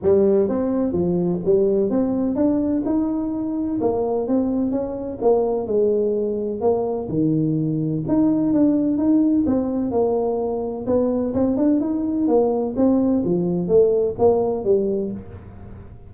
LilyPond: \new Staff \with { instrumentName = "tuba" } { \time 4/4 \tempo 4 = 127 g4 c'4 f4 g4 | c'4 d'4 dis'2 | ais4 c'4 cis'4 ais4 | gis2 ais4 dis4~ |
dis4 dis'4 d'4 dis'4 | c'4 ais2 b4 | c'8 d'8 dis'4 ais4 c'4 | f4 a4 ais4 g4 | }